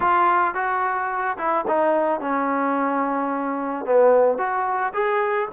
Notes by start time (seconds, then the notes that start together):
0.00 F4
0.54 F#4
1.37 E4
1.67 D#4
2.20 C#4
3.85 B3
4.38 F#4
4.93 G#4